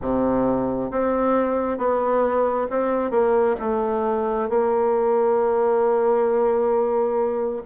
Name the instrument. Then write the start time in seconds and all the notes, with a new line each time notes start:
bassoon
0.01 C3
0.90 C4
1.77 B3
2.69 C4
3.11 A#3
3.60 A3
4.49 A#3